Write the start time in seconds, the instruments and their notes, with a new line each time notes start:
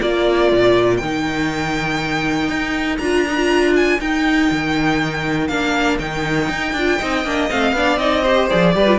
0.00 cello A#3, viola F4, violin A#4 D5
0.52 cello A#2
0.96 cello D#3, violin G5
1.04 viola D#4
2.49 cello D#4
2.97 cello D4, viola F4, violin A#5
3.28 viola D#4
3.36 viola F4
3.76 violin G#5
4.00 cello D#4, viola D#4, violin G5
4.51 cello D#3
5.47 cello A#3, viola D4, violin F5
5.99 cello D#3, viola D#4, violin G5
6.49 cello D#4
6.73 cello D4, viola F4
6.98 cello C4, viola D#4, violin D#5
7.24 cello A#3, viola D4
7.50 cello A3, viola C4, violin F5
7.72 cello B3, viola D4, violin D5
7.97 cello C4, viola D#4, violin D#5
8.22 viola G4, violin C5
8.50 cello F3, viola G#4, violin D5
8.75 cello G3, viola G4, violin B4
8.87 viola F4